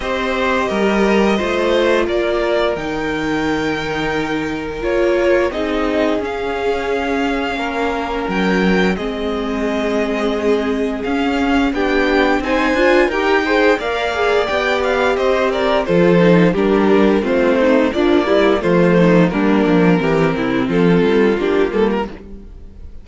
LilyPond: <<
  \new Staff \with { instrumentName = "violin" } { \time 4/4 \tempo 4 = 87 dis''2. d''4 | g''2. cis''4 | dis''4 f''2. | g''4 dis''2. |
f''4 g''4 gis''4 g''4 | f''4 g''8 f''8 dis''8 d''8 c''4 | ais'4 c''4 d''4 c''4 | ais'2 a'4 g'8 a'16 ais'16 | }
  \new Staff \with { instrumentName = "violin" } { \time 4/4 c''4 ais'4 c''4 ais'4~ | ais'1 | gis'2. ais'4~ | ais'4 gis'2.~ |
gis'4 g'4 c''4 ais'8 c''8 | d''2 c''8 ais'8 a'4 | g'4 f'8 dis'8 d'8 e'8 f'8 dis'8 | d'4 g'8 e'8 f'2 | }
  \new Staff \with { instrumentName = "viola" } { \time 4/4 g'2 f'2 | dis'2. f'4 | dis'4 cis'2.~ | cis'4 c'2. |
cis'4 d'4 dis'8 f'8 g'8 gis'8 | ais'8 gis'8 g'2 f'8 dis'8 | d'4 c'4 f8 g8 a4 | ais4 c'2 d'8 ais8 | }
  \new Staff \with { instrumentName = "cello" } { \time 4/4 c'4 g4 a4 ais4 | dis2. ais4 | c'4 cis'2 ais4 | fis4 gis2. |
cis'4 b4 c'8 d'8 dis'4 | ais4 b4 c'4 f4 | g4 a4 ais4 f4 | g8 f8 e8 c8 f8 g8 ais8 g8 | }
>>